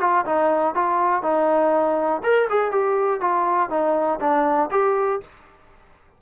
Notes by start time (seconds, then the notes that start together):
0.00 F4
0.25 D#4
0.74 F4
1.23 D#4
2.23 A#4
2.50 G#4
2.71 G4
3.21 F4
3.70 D#4
4.20 D4
4.71 G4